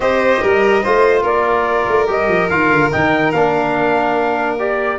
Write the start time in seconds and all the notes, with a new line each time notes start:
0.00 C4 G4 C5 D#5
0.42 G3 A#4
0.83 A3 F4 C5
1.22 A#3 A#4 D5
1.87 A3
2.07 G3 G4 D#5
2.28 F3
2.49 D#3 F4 F5
2.69 D3
2.92 D#3 D#4 G5
3.32 A#3 D4 F5
4.59 G4 D5